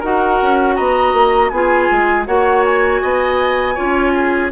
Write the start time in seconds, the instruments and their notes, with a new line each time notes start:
0.00 bassoon D#4, clarinet F#4, oboe A#4, flute F#5
0.42 bassoon C#4
0.76 bassoon B3, oboe D#5, flute A#5
1.13 bassoon A#3
1.50 bassoon B3, clarinet F4, oboe G#4, flute G#5
1.92 bassoon G#3
2.26 bassoon A#3, clarinet F#4, oboe C#5, flute F#5
2.65 flute G#5
3.02 bassoon B3, oboe D#5
3.75 bassoon C#4, clarinet F4, oboe C#5
4.15 oboe G#4